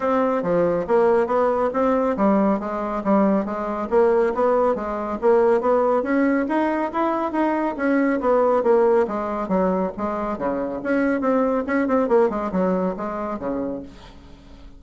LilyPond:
\new Staff \with { instrumentName = "bassoon" } { \time 4/4 \tempo 4 = 139 c'4 f4 ais4 b4 | c'4 g4 gis4 g4 | gis4 ais4 b4 gis4 | ais4 b4 cis'4 dis'4 |
e'4 dis'4 cis'4 b4 | ais4 gis4 fis4 gis4 | cis4 cis'4 c'4 cis'8 c'8 | ais8 gis8 fis4 gis4 cis4 | }